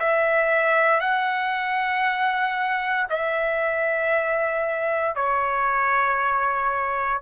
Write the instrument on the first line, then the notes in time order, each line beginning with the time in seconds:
trumpet
0.00 E5
1.01 F#5
3.10 E5
5.15 C#5